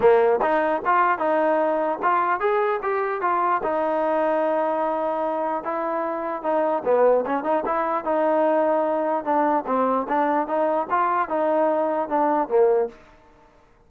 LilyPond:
\new Staff \with { instrumentName = "trombone" } { \time 4/4 \tempo 4 = 149 ais4 dis'4 f'4 dis'4~ | dis'4 f'4 gis'4 g'4 | f'4 dis'2.~ | dis'2 e'2 |
dis'4 b4 cis'8 dis'8 e'4 | dis'2. d'4 | c'4 d'4 dis'4 f'4 | dis'2 d'4 ais4 | }